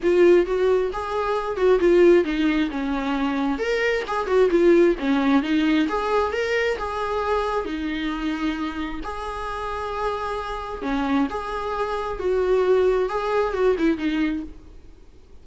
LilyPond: \new Staff \with { instrumentName = "viola" } { \time 4/4 \tempo 4 = 133 f'4 fis'4 gis'4. fis'8 | f'4 dis'4 cis'2 | ais'4 gis'8 fis'8 f'4 cis'4 | dis'4 gis'4 ais'4 gis'4~ |
gis'4 dis'2. | gis'1 | cis'4 gis'2 fis'4~ | fis'4 gis'4 fis'8 e'8 dis'4 | }